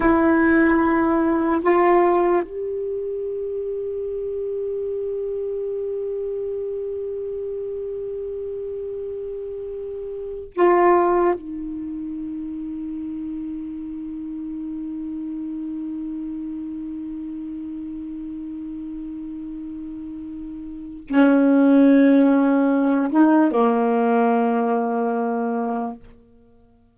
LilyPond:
\new Staff \with { instrumentName = "saxophone" } { \time 4/4 \tempo 4 = 74 e'2 f'4 g'4~ | g'1~ | g'1~ | g'4 f'4 dis'2~ |
dis'1~ | dis'1~ | dis'2 cis'2~ | cis'8 dis'8 ais2. | }